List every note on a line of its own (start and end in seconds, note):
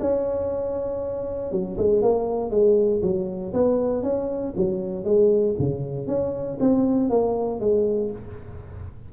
0.00 1.51 C#4
1.51 1.77 F#3
1.77 2.02 G#3
2.02 2.50 A#3
2.50 3.01 G#3
3.02 3.53 F#3
3.53 4.03 B3
4.03 4.53 C#4
4.56 5.04 F#3
5.04 5.55 G#3
5.58 6.07 C#3
6.07 6.58 C#4
6.60 7.10 C4
7.10 7.60 A#3
7.60 8.11 G#3